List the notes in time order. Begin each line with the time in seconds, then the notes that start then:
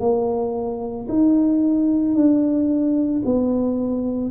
0.00 A#3
1.09 D#4
2.15 D4
3.25 B3